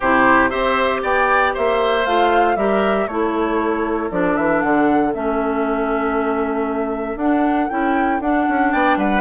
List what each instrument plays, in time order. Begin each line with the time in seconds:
0.00 bassoon C3, clarinet E4, oboe G4, flute C5
0.49 bassoon C4, clarinet G4, oboe C5, flute E5
1.02 bassoon B3, oboe D5, flute G5
1.53 bassoon A#3, oboe C5, flute E5
2.05 bassoon A3, clarinet F4, flute F5
2.56 bassoon G3, clarinet G4, oboe A#4, flute E5
3.07 bassoon A3, clarinet E4, oboe A4, flute C#5
4.11 bassoon F3, clarinet D4, flute D5
4.36 bassoon E3, flute E5
4.61 bassoon D3, flute F#5
5.13 bassoon A3, clarinet C#4, flute E5
7.15 bassoon D4, clarinet D4, flute F#5
7.69 bassoon C#4, clarinet E4, flute G5
8.20 bassoon D4, clarinet D4, flute F#5
8.48 bassoon C#4
8.72 bassoon B3, oboe D5, flute G5
8.96 bassoon G3, oboe B4, flute F#5